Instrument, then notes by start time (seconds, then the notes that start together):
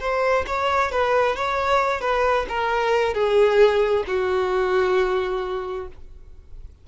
violin
0.00 C5
0.47 C#5
0.91 B4
1.36 C#5
2.01 B4
2.49 A#4
3.14 G#4
4.07 F#4